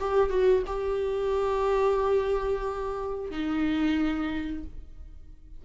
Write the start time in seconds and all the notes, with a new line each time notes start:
0.00 G4
0.30 F#4
0.67 G4
3.31 D#4